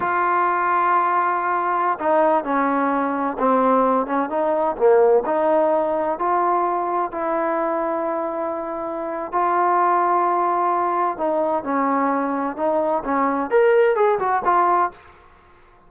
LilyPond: \new Staff \with { instrumentName = "trombone" } { \time 4/4 \tempo 4 = 129 f'1~ | f'16 dis'4 cis'2 c'8.~ | c'8. cis'8 dis'4 ais4 dis'8.~ | dis'4~ dis'16 f'2 e'8.~ |
e'1 | f'1 | dis'4 cis'2 dis'4 | cis'4 ais'4 gis'8 fis'8 f'4 | }